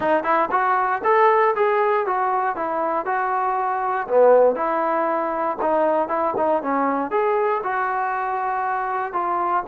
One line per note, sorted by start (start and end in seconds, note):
0.00 0.23 D#4
0.23 0.49 E4
0.51 1.02 F#4
1.04 1.55 A4
1.55 2.06 G#4
2.06 2.55 F#4
2.55 3.05 E4
3.05 4.07 F#4
4.07 4.55 B3
4.55 5.57 E4
5.61 6.08 D#4
6.08 6.34 E4
6.37 6.62 D#4
6.62 7.10 C#4
7.10 7.61 G#4
7.63 9.12 F#4
9.12 9.63 F4